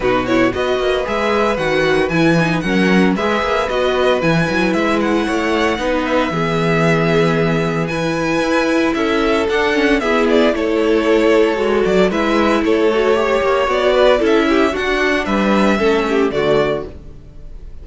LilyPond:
<<
  \new Staff \with { instrumentName = "violin" } { \time 4/4 \tempo 4 = 114 b'8 cis''8 dis''4 e''4 fis''4 | gis''4 fis''4 e''4 dis''4 | gis''4 e''8 fis''2 e''8~ | e''2. gis''4~ |
gis''4 e''4 fis''4 e''8 d''8 | cis''2~ cis''8 d''8 e''4 | cis''2 d''4 e''4 | fis''4 e''2 d''4 | }
  \new Staff \with { instrumentName = "violin" } { \time 4/4 fis'4 b'2.~ | b'4 ais'4 b'2~ | b'2 cis''4 b'4 | gis'2. b'4~ |
b'4 a'2 gis'4 | a'2. b'4 | a'4 cis''4. b'8 a'8 g'8 | fis'4 b'4 a'8 g'8 fis'4 | }
  \new Staff \with { instrumentName = "viola" } { \time 4/4 dis'8 e'8 fis'4 gis'4 fis'4 | e'8 dis'8 cis'4 gis'4 fis'4 | e'2. dis'4 | b2. e'4~ |
e'2 d'8 cis'8 b4 | e'2 fis'4 e'4~ | e'8 fis'8 g'4 fis'4 e'4 | d'2 cis'4 a4 | }
  \new Staff \with { instrumentName = "cello" } { \time 4/4 b,4 b8 ais8 gis4 dis4 | e4 fis4 gis8 ais8 b4 | e8 fis8 gis4 a4 b4 | e1 |
e'4 cis'4 d'4 e'4 | a2 gis8 fis8 gis4 | a4. ais8 b4 cis'4 | d'4 g4 a4 d4 | }
>>